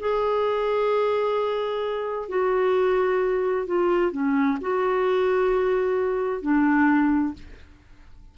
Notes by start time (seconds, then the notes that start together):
0.00 G#4
2.29 F#4
3.67 F4
4.12 C#4
4.61 F#4
6.42 D4